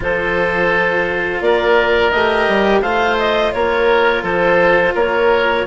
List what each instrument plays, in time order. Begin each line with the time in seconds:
0.00 bassoon F3, cello F4, oboe A4, clarinet C5
1.40 bassoon A#3, oboe A#4, clarinet D5
2.10 bassoon A3, cello G4, clarinet D#5
2.48 bassoon G3
2.81 bassoon A3, cello F4, oboe C5, clarinet F5
3.18 clarinet D#5
3.52 bassoon A#3, oboe A#4, clarinet C#5
4.22 bassoon F3, oboe A4, clarinet C5
4.94 bassoon A#3, oboe A#4, clarinet C#5